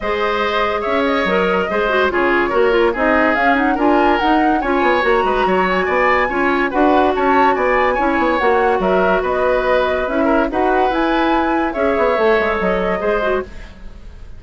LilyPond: <<
  \new Staff \with { instrumentName = "flute" } { \time 4/4 \tempo 4 = 143 dis''2 e''8 dis''4.~ | dis''4 cis''2 dis''4 | f''8 fis''8 gis''4 fis''4 gis''4 | ais''4. gis''2~ gis''8 |
fis''4 a''4 gis''2 | fis''4 e''4 dis''2 | e''4 fis''4 gis''2 | e''2 dis''2 | }
  \new Staff \with { instrumentName = "oboe" } { \time 4/4 c''2 cis''2 | c''4 gis'4 ais'4 gis'4~ | gis'4 ais'2 cis''4~ | cis''8 b'8 cis''4 d''4 cis''4 |
b'4 cis''4 d''4 cis''4~ | cis''4 ais'4 b'2~ | b'8 ais'8 b'2. | cis''2. c''4 | }
  \new Staff \with { instrumentName = "clarinet" } { \time 4/4 gis'2. ais'4 | gis'8 fis'8 f'4 fis'8 f'8 dis'4 | cis'8 dis'8 f'4 dis'4 f'4 | fis'2. f'4 |
fis'2. e'4 | fis'1 | e'4 fis'4 e'2 | gis'4 a'2 gis'8 fis'8 | }
  \new Staff \with { instrumentName = "bassoon" } { \time 4/4 gis2 cis'4 fis4 | gis4 cis4 ais4 c'4 | cis'4 d'4 dis'4 cis'8 b8 | ais8 gis8 fis4 b4 cis'4 |
d'4 cis'4 b4 cis'8 b8 | ais4 fis4 b2 | cis'4 dis'4 e'2 | cis'8 b8 a8 gis8 fis4 gis4 | }
>>